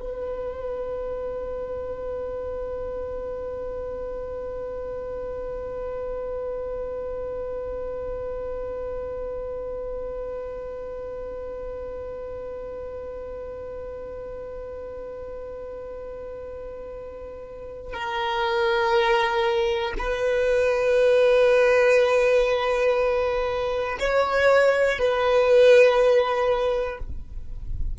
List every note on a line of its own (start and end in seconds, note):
0.00 17.94 B4
17.94 19.94 A#4
19.98 23.98 B4
24.00 24.99 C#5
24.99 26.99 B4